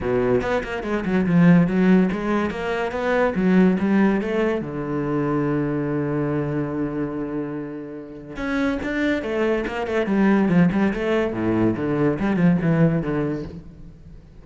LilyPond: \new Staff \with { instrumentName = "cello" } { \time 4/4 \tempo 4 = 143 b,4 b8 ais8 gis8 fis8 f4 | fis4 gis4 ais4 b4 | fis4 g4 a4 d4~ | d1~ |
d1 | cis'4 d'4 a4 ais8 a8 | g4 f8 g8 a4 a,4 | d4 g8 f8 e4 d4 | }